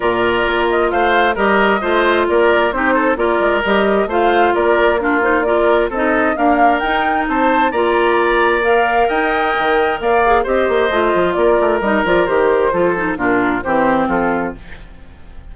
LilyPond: <<
  \new Staff \with { instrumentName = "flute" } { \time 4/4 \tempo 4 = 132 d''4. dis''8 f''4 dis''4~ | dis''4 d''4 c''4 d''4 | dis''4 f''4 d''4 ais'8 c''8 | d''4 dis''4 f''4 g''4 |
a''4 ais''2 f''4 | g''2 f''4 dis''4~ | dis''4 d''4 dis''8 d''8 c''4~ | c''4 ais'4 c''4 a'4 | }
  \new Staff \with { instrumentName = "oboe" } { \time 4/4 ais'2 c''4 ais'4 | c''4 ais'4 g'8 a'8 ais'4~ | ais'4 c''4 ais'4 f'4 | ais'4 a'4 ais'2 |
c''4 d''2. | dis''2 d''4 c''4~ | c''4 ais'2. | a'4 f'4 g'4 f'4 | }
  \new Staff \with { instrumentName = "clarinet" } { \time 4/4 f'2. g'4 | f'2 dis'4 f'4 | g'4 f'2 d'8 dis'8 | f'4 dis'4 ais4 dis'4~ |
dis'4 f'2 ais'4~ | ais'2~ ais'8 gis'8 g'4 | f'2 dis'8 f'8 g'4 | f'8 dis'8 d'4 c'2 | }
  \new Staff \with { instrumentName = "bassoon" } { \time 4/4 ais,4 ais4 a4 g4 | a4 ais4 c'4 ais8 gis8 | g4 a4 ais2~ | ais4 c'4 d'4 dis'4 |
c'4 ais2. | dis'4 dis4 ais4 c'8 ais8 | a8 f8 ais8 a8 g8 f8 dis4 | f4 ais,4 e4 f4 | }
>>